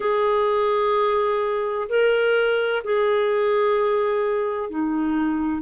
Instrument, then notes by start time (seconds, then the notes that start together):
clarinet
0.00 G#4
1.88 A#4
2.84 G#4
4.69 D#4